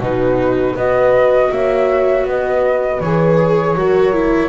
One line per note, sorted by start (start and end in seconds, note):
0.00 0.75 B2
0.00 0.78 D#4
0.00 0.75 F#4
0.00 0.78 B4
0.75 1.50 B3
0.75 3.03 F#4
0.75 1.50 B4
0.75 1.52 D#5
1.51 2.25 A#3
1.51 2.28 C#5
1.51 2.27 E5
2.25 3.00 B3
2.25 3.79 B4
2.25 3.01 D#5
3.01 3.76 E3
3.01 3.77 G#4
3.01 4.50 C#5
3.76 4.50 F#3
3.76 4.13 F#4
3.76 4.50 A#4
4.13 4.50 E4